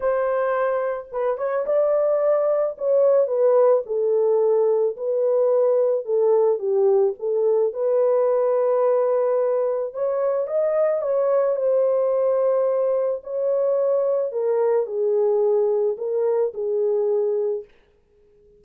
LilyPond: \new Staff \with { instrumentName = "horn" } { \time 4/4 \tempo 4 = 109 c''2 b'8 cis''8 d''4~ | d''4 cis''4 b'4 a'4~ | a'4 b'2 a'4 | g'4 a'4 b'2~ |
b'2 cis''4 dis''4 | cis''4 c''2. | cis''2 ais'4 gis'4~ | gis'4 ais'4 gis'2 | }